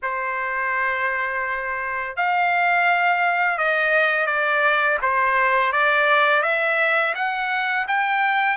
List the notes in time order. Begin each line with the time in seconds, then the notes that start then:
0.02 C5
2.16 F5
3.57 D#5
4.26 D5
5.02 C5
5.72 D5
6.42 E5
7.14 F#5
7.87 G5